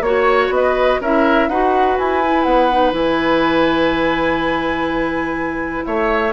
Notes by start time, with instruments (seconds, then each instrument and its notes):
0.00 bassoon A#3, clarinet F#4, flute C#5, oboe C#5
0.49 bassoon B3, flute D#5
0.56 oboe B4
1.01 bassoon C#4, clarinet E4, oboe A#4, flute E5
1.48 bassoon D#4, clarinet F#4, oboe B4, flute F#5
1.98 bassoon E4, flute G#5
2.23 clarinet E4
2.43 bassoon B3, flute F#5
2.71 clarinet D#4
2.92 bassoon E3, clarinet E4, flute G#5
5.85 bassoon A3, oboe C#5, flute E5